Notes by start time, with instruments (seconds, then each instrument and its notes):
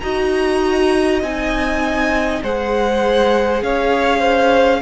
0.00 cello D#4, viola F#4, violin D#5 A#5
1.22 cello C4, viola D#4, violin G#5
2.43 cello G#3, viola G#4, violin C5 F#5
3.62 cello C#4, violin C#5 F5
4.20 violin C5